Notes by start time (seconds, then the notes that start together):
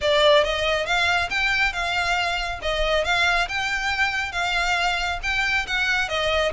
0.01 D5
0.43 D#5
0.86 F5
1.30 G5
1.72 F5
2.62 D#5
3.04 F5
3.48 G5
4.32 F5
5.22 G5
5.67 F#5
6.08 D#5